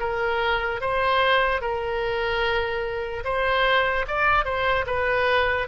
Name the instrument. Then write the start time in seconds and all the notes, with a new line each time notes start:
oboe
0.00 A#4
0.81 C5
1.62 A#4
3.25 C5
4.08 D5
4.45 C5
4.87 B4